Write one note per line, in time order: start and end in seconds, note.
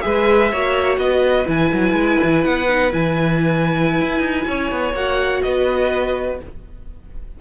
0.00 0.52 G#3
0.00 0.49 G#4
0.00 0.51 B4
0.00 0.96 E5
0.51 0.97 A#3
0.51 1.45 F#4
0.51 0.99 C#5
0.97 1.45 B3
0.97 4.47 B4
0.97 1.47 D#5
1.45 1.72 E3
1.45 2.65 E4
1.45 2.44 G#5
1.73 1.93 F#3
1.93 2.17 G#3
2.22 2.45 E3
2.44 2.93 B3
2.44 2.92 F#5
2.68 2.91 D#4
2.91 4.01 E3
2.91 4.95 E4
2.91 4.95 G#5
4.01 4.20 E4
4.20 4.44 D#4
4.47 4.71 C#4
4.47 5.43 C#5
4.71 4.93 B3
4.93 5.41 A#3
4.93 6.39 F#4
4.93 5.42 F#5
5.42 6.41 B3
5.42 6.41 B4
5.42 6.38 D#5